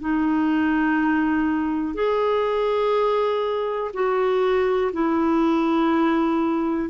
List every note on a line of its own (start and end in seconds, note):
0.00 1.94 D#4
1.94 3.91 G#4
3.93 4.92 F#4
4.93 6.89 E4